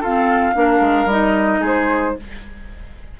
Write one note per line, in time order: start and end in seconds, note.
0.00 0.54 C4
0.00 0.55 F4
0.00 0.54 A4
0.00 1.11 F5
0.54 0.80 A#3
0.54 1.08 D4
0.54 1.60 A#4
0.80 1.05 G#3
1.05 1.59 G3
1.05 2.17 D#4
1.05 1.65 D#5
1.60 2.16 G#3
1.60 2.14 G#4
1.60 2.20 C5